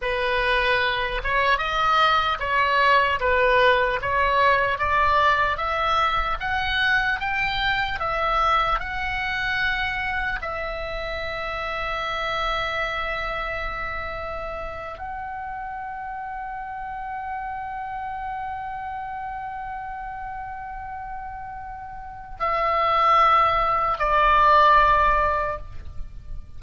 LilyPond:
\new Staff \with { instrumentName = "oboe" } { \time 4/4 \tempo 4 = 75 b'4. cis''8 dis''4 cis''4 | b'4 cis''4 d''4 e''4 | fis''4 g''4 e''4 fis''4~ | fis''4 e''2.~ |
e''2~ e''8. fis''4~ fis''16~ | fis''1~ | fis''1 | e''2 d''2 | }